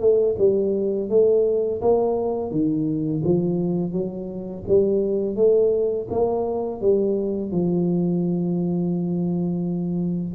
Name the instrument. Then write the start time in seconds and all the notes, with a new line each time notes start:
tuba
0.00 A3
0.39 G3
1.10 A3
1.82 A#3
2.52 D#3
3.25 F3
3.93 F#3
4.69 G3
5.36 A3
6.11 A#3
6.81 G3
7.52 F3